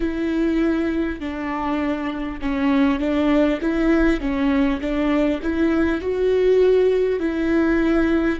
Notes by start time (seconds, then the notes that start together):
0.00 E4
1.19 D4
2.41 C#4
2.99 D4
3.61 E4
4.20 C#4
4.81 D4
5.42 E4
6.01 F#4
7.19 E4